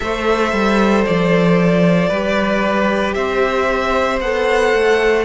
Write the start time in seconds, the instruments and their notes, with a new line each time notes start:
0.00 cello A3, viola A4, violin C5 E5
0.52 cello G3
1.05 cello F3, violin D5
2.09 cello G3, viola G4, violin B4
3.13 cello C4, violin C5 E5
4.20 cello B3, viola A4, violin F#5
4.73 cello A3